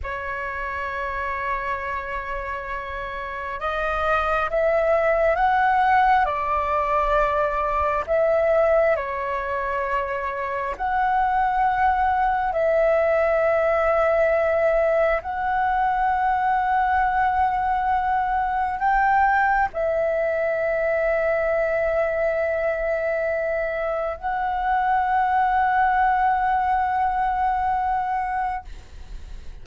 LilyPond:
\new Staff \with { instrumentName = "flute" } { \time 4/4 \tempo 4 = 67 cis''1 | dis''4 e''4 fis''4 d''4~ | d''4 e''4 cis''2 | fis''2 e''2~ |
e''4 fis''2.~ | fis''4 g''4 e''2~ | e''2. fis''4~ | fis''1 | }